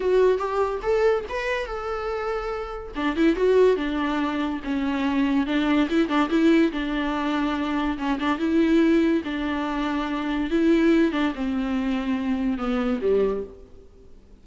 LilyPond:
\new Staff \with { instrumentName = "viola" } { \time 4/4 \tempo 4 = 143 fis'4 g'4 a'4 b'4 | a'2. d'8 e'8 | fis'4 d'2 cis'4~ | cis'4 d'4 e'8 d'8 e'4 |
d'2. cis'8 d'8 | e'2 d'2~ | d'4 e'4. d'8 c'4~ | c'2 b4 g4 | }